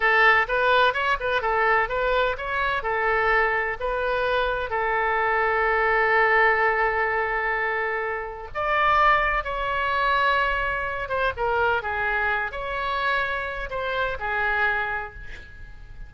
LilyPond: \new Staff \with { instrumentName = "oboe" } { \time 4/4 \tempo 4 = 127 a'4 b'4 cis''8 b'8 a'4 | b'4 cis''4 a'2 | b'2 a'2~ | a'1~ |
a'2 d''2 | cis''2.~ cis''8 c''8 | ais'4 gis'4. cis''4.~ | cis''4 c''4 gis'2 | }